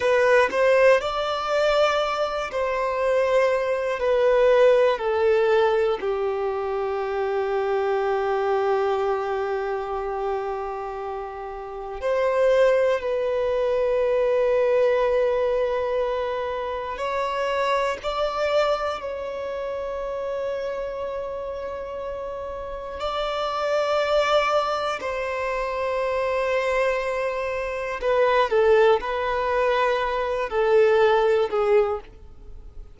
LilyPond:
\new Staff \with { instrumentName = "violin" } { \time 4/4 \tempo 4 = 60 b'8 c''8 d''4. c''4. | b'4 a'4 g'2~ | g'1 | c''4 b'2.~ |
b'4 cis''4 d''4 cis''4~ | cis''2. d''4~ | d''4 c''2. | b'8 a'8 b'4. a'4 gis'8 | }